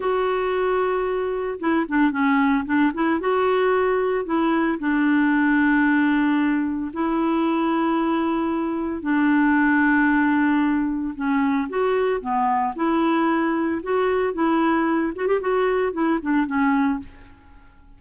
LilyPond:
\new Staff \with { instrumentName = "clarinet" } { \time 4/4 \tempo 4 = 113 fis'2. e'8 d'8 | cis'4 d'8 e'8 fis'2 | e'4 d'2.~ | d'4 e'2.~ |
e'4 d'2.~ | d'4 cis'4 fis'4 b4 | e'2 fis'4 e'4~ | e'8 fis'16 g'16 fis'4 e'8 d'8 cis'4 | }